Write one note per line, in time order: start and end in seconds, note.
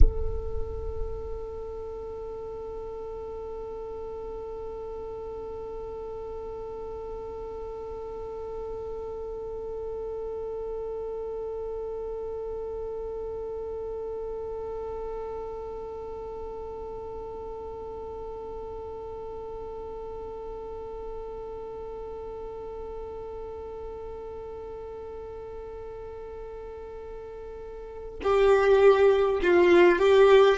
0.00 28.20 A4
28.23 29.41 G4
29.41 29.98 F4
29.98 30.57 G4